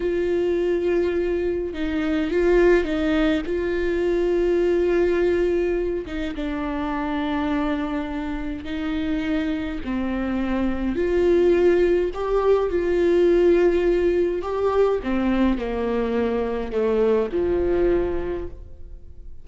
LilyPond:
\new Staff \with { instrumentName = "viola" } { \time 4/4 \tempo 4 = 104 f'2. dis'4 | f'4 dis'4 f'2~ | f'2~ f'8 dis'8 d'4~ | d'2. dis'4~ |
dis'4 c'2 f'4~ | f'4 g'4 f'2~ | f'4 g'4 c'4 ais4~ | ais4 a4 f2 | }